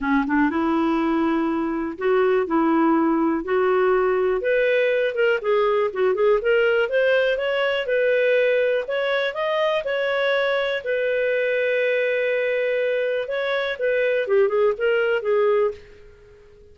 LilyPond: \new Staff \with { instrumentName = "clarinet" } { \time 4/4 \tempo 4 = 122 cis'8 d'8 e'2. | fis'4 e'2 fis'4~ | fis'4 b'4. ais'8 gis'4 | fis'8 gis'8 ais'4 c''4 cis''4 |
b'2 cis''4 dis''4 | cis''2 b'2~ | b'2. cis''4 | b'4 g'8 gis'8 ais'4 gis'4 | }